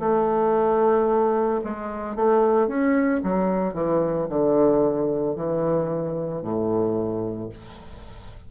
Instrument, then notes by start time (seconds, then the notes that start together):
bassoon
0.00 A3
1.65 G#3
2.16 A3
2.68 C#4
3.23 F#3
3.74 E3
4.30 D3
5.36 E3
6.42 A2